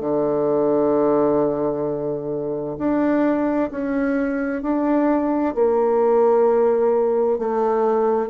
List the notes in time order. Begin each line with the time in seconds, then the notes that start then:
0.00 D3
2.78 D4
3.71 C#4
4.62 D4
5.55 A#3
7.38 A3